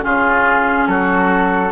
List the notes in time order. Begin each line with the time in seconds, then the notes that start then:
0.00 C#3 C#4 F4 G#4
0.87 F#3 F#4 A4